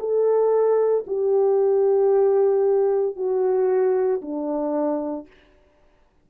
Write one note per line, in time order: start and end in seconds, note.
0.00 1.05 A4
1.07 3.16 G4
3.16 4.22 F#4
4.22 5.27 D4